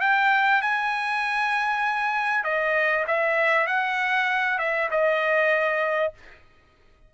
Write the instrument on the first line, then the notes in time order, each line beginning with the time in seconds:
trumpet
0.00 G5
0.61 G#5
2.44 D#5
3.07 E5
3.67 F#5
4.58 E5
4.90 D#5